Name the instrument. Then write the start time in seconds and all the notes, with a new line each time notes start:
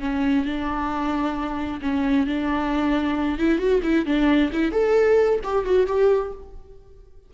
viola
0.00 C#4
0.45 D4
1.82 C#4
2.27 D4
3.38 E4
3.58 F#4
3.83 E4
4.06 D4
4.52 E4
4.72 A4
5.43 G4
5.65 F#4
5.87 G4